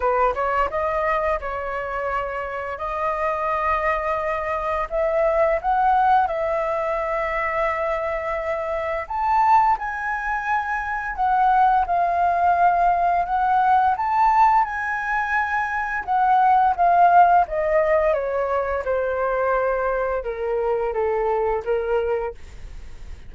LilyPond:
\new Staff \with { instrumentName = "flute" } { \time 4/4 \tempo 4 = 86 b'8 cis''8 dis''4 cis''2 | dis''2. e''4 | fis''4 e''2.~ | e''4 a''4 gis''2 |
fis''4 f''2 fis''4 | a''4 gis''2 fis''4 | f''4 dis''4 cis''4 c''4~ | c''4 ais'4 a'4 ais'4 | }